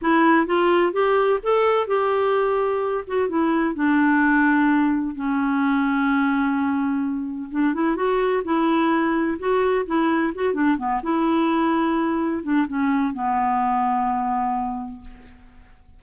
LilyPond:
\new Staff \with { instrumentName = "clarinet" } { \time 4/4 \tempo 4 = 128 e'4 f'4 g'4 a'4 | g'2~ g'8 fis'8 e'4 | d'2. cis'4~ | cis'1 |
d'8 e'8 fis'4 e'2 | fis'4 e'4 fis'8 d'8 b8 e'8~ | e'2~ e'8 d'8 cis'4 | b1 | }